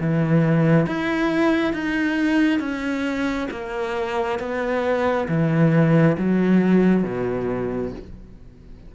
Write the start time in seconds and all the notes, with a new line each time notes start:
0.00 E3
0.87 E4
1.74 D#4
2.60 C#4
3.51 A#3
4.40 B3
5.29 E3
6.18 F#3
7.04 B2